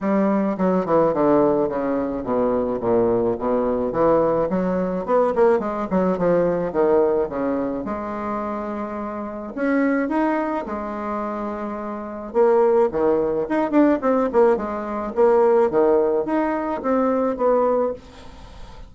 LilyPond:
\new Staff \with { instrumentName = "bassoon" } { \time 4/4 \tempo 4 = 107 g4 fis8 e8 d4 cis4 | b,4 ais,4 b,4 e4 | fis4 b8 ais8 gis8 fis8 f4 | dis4 cis4 gis2~ |
gis4 cis'4 dis'4 gis4~ | gis2 ais4 dis4 | dis'8 d'8 c'8 ais8 gis4 ais4 | dis4 dis'4 c'4 b4 | }